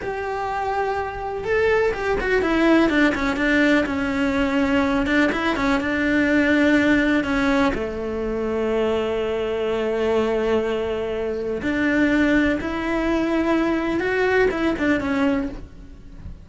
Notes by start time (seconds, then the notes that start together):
0.01 G4
1.44 A4
1.93 G4
2.20 F#4
2.41 E4
2.89 D4
3.15 C#4
3.36 D4
3.86 C#4
5.06 D4
5.32 E4
5.56 C#4
5.80 D4
7.24 C#4
7.74 A3
11.62 D4
12.60 E4
14.00 F#4
14.51 E4
14.78 D4
15.00 C#4